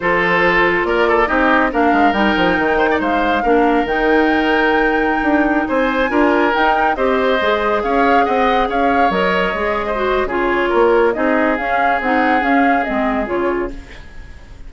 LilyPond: <<
  \new Staff \with { instrumentName = "flute" } { \time 4/4 \tempo 4 = 140 c''2 d''4 dis''4 | f''4 g''2 f''4~ | f''4 g''2.~ | g''4~ g''16 gis''2 g''8.~ |
g''16 dis''2 f''4 fis''8.~ | fis''16 f''4 dis''2~ dis''8. | cis''2 dis''4 f''4 | fis''4 f''4 dis''4 cis''4 | }
  \new Staff \with { instrumentName = "oboe" } { \time 4/4 a'2 ais'8 a'8 g'4 | ais'2~ ais'8 c''16 d''16 c''4 | ais'1~ | ais'4~ ais'16 c''4 ais'4.~ ais'16~ |
ais'16 c''2 cis''4 dis''8.~ | dis''16 cis''2~ cis''8. c''4 | gis'4 ais'4 gis'2~ | gis'1 | }
  \new Staff \with { instrumentName = "clarinet" } { \time 4/4 f'2. dis'4 | d'4 dis'2. | d'4 dis'2.~ | dis'2~ dis'16 f'4 dis'8.~ |
dis'16 g'4 gis'2~ gis'8.~ | gis'4~ gis'16 ais'4 gis'4 fis'8. | f'2 dis'4 cis'4 | dis'4 cis'4 c'4 f'4 | }
  \new Staff \with { instrumentName = "bassoon" } { \time 4/4 f2 ais4 c'4 | ais8 gis8 g8 f8 dis4 gis4 | ais4 dis2.~ | dis16 d'4 c'4 d'4 dis'8.~ |
dis'16 c'4 gis4 cis'4 c'8.~ | c'16 cis'4 fis4 gis4.~ gis16 | cis4 ais4 c'4 cis'4 | c'4 cis'4 gis4 cis4 | }
>>